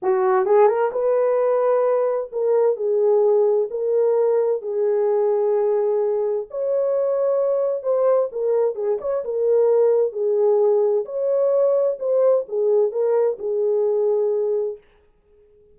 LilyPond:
\new Staff \with { instrumentName = "horn" } { \time 4/4 \tempo 4 = 130 fis'4 gis'8 ais'8 b'2~ | b'4 ais'4 gis'2 | ais'2 gis'2~ | gis'2 cis''2~ |
cis''4 c''4 ais'4 gis'8 cis''8 | ais'2 gis'2 | cis''2 c''4 gis'4 | ais'4 gis'2. | }